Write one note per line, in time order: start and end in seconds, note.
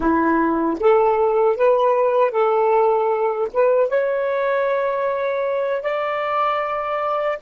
0.00 0.77 E4
0.80 1.56 A4
1.56 2.31 B4
2.31 3.48 A4
3.53 3.89 B4
3.89 5.82 C#5
5.82 7.38 D5